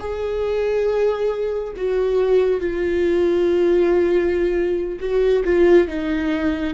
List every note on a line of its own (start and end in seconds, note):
0.00 1.74 G#4
1.77 2.60 F#4
2.60 5.00 F4
5.00 5.43 F#4
5.45 5.88 F4
5.88 6.74 D#4